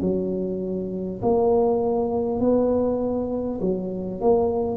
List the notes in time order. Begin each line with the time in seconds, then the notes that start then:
0.00 F#3
1.22 A#3
2.39 B3
3.61 F#3
4.20 A#3